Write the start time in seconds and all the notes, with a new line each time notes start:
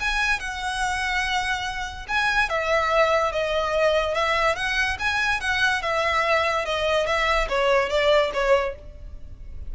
0.00 G#5
0.40 F#5
2.08 G#5
2.49 E5
3.32 D#5
4.15 E5
4.56 F#5
4.99 G#5
5.41 F#5
5.82 E5
6.65 D#5
7.06 E5
7.49 C#5
7.89 D5
8.34 C#5